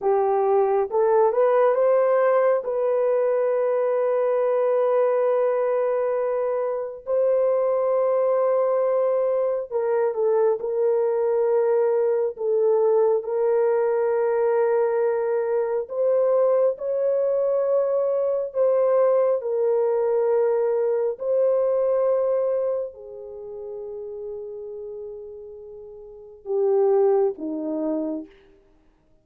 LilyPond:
\new Staff \with { instrumentName = "horn" } { \time 4/4 \tempo 4 = 68 g'4 a'8 b'8 c''4 b'4~ | b'1 | c''2. ais'8 a'8 | ais'2 a'4 ais'4~ |
ais'2 c''4 cis''4~ | cis''4 c''4 ais'2 | c''2 gis'2~ | gis'2 g'4 dis'4 | }